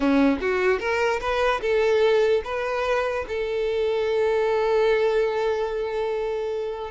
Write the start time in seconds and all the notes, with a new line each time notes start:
0.00 C#4
0.41 F#4
0.79 A#4
1.20 B4
1.61 A4
2.44 B4
3.27 A4